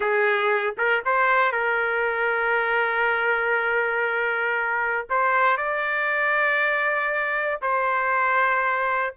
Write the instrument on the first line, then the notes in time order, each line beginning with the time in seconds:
trumpet
0.00 G#4
0.77 A#4
1.05 C5
1.52 A#4
5.09 C5
5.57 D5
7.61 C5